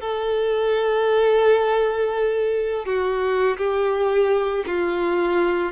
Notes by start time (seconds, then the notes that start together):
0.00 A4
2.85 F#4
3.57 G4
4.66 F4